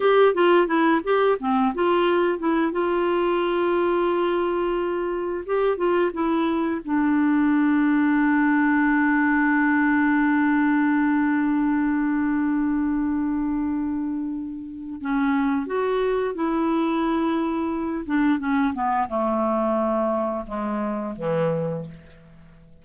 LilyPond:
\new Staff \with { instrumentName = "clarinet" } { \time 4/4 \tempo 4 = 88 g'8 f'8 e'8 g'8 c'8 f'4 e'8 | f'1 | g'8 f'8 e'4 d'2~ | d'1~ |
d'1~ | d'2 cis'4 fis'4 | e'2~ e'8 d'8 cis'8 b8 | a2 gis4 e4 | }